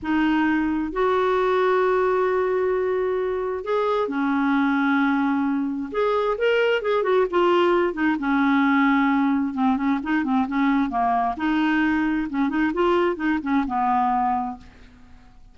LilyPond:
\new Staff \with { instrumentName = "clarinet" } { \time 4/4 \tempo 4 = 132 dis'2 fis'2~ | fis'1 | gis'4 cis'2.~ | cis'4 gis'4 ais'4 gis'8 fis'8 |
f'4. dis'8 cis'2~ | cis'4 c'8 cis'8 dis'8 c'8 cis'4 | ais4 dis'2 cis'8 dis'8 | f'4 dis'8 cis'8 b2 | }